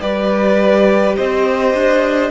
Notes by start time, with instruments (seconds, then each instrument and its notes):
0.00 cello G3, viola G4, violin B4 D5
1.16 cello C4, violin C5 D#5
1.74 cello D4